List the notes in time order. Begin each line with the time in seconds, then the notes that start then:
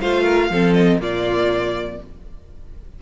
0.00 A3 F4 C5 F5
0.23 A#4
0.50 F3 C4 A4
0.73 D#5
0.98 A#2 A#3 F4 D5